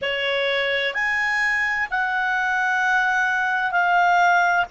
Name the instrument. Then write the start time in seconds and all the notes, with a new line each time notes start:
clarinet
0.01 C#5
0.94 G#5
1.90 F#5
3.71 F5